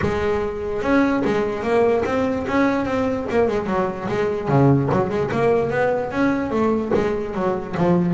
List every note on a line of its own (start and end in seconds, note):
0.01 0.82 G#3
0.82 1.22 C#4
1.24 1.63 G#3
1.63 2.03 A#3
2.05 2.46 C4
2.47 2.85 C#4
2.85 3.26 C4
3.30 3.47 A#3
3.47 3.66 G#3
3.66 4.07 F#3
4.08 4.48 G#3
4.48 4.89 C#3
4.91 5.09 F#3
5.09 5.30 G#3
5.31 5.70 A#3
5.70 6.11 B3
6.11 6.50 C#4
6.50 6.91 A3
6.94 7.34 G#3
7.34 7.75 F#3
7.77 8.14 F3